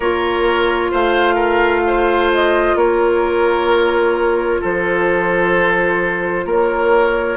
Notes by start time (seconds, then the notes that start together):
0.00 A#3 F4 A#4 C#5
0.91 A3 C5 F5
1.34 A#4
1.87 C5
2.33 D#5
2.75 A#3 A#4 C#5
4.61 F3 A4 C5
6.45 A#3 A#4 C#5